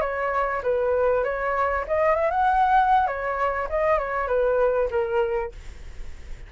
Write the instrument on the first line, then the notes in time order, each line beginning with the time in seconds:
flute
0.00 C#5
0.62 B4
1.23 C#5
1.87 D#5
2.15 E5
2.30 F#5
3.07 C#5
3.69 D#5
3.98 C#5
4.27 B4
4.90 A#4